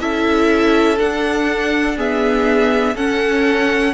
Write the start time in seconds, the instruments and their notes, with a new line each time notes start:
0.00 cello C#4, viola E4, violin A4 E5
0.98 viola D4, cello D4, violin F#5
1.97 viola B3, violin G#4 E5
2.95 cello C#4, viola C#4, violin A4 F#5